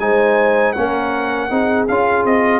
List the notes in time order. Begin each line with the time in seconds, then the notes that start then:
0.00 G#3 D#4 C5 G#5
0.73 A#3 C#4 A#4 F#5
1.50 C4 D#4 G#4
1.88 C#4 F4 F5
2.25 C4 D#5